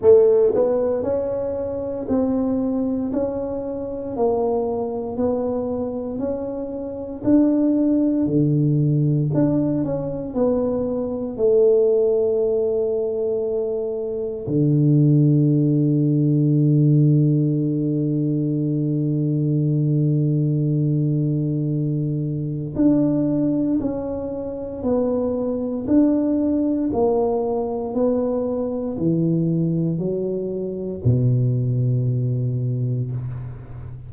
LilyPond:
\new Staff \with { instrumentName = "tuba" } { \time 4/4 \tempo 4 = 58 a8 b8 cis'4 c'4 cis'4 | ais4 b4 cis'4 d'4 | d4 d'8 cis'8 b4 a4~ | a2 d2~ |
d1~ | d2 d'4 cis'4 | b4 d'4 ais4 b4 | e4 fis4 b,2 | }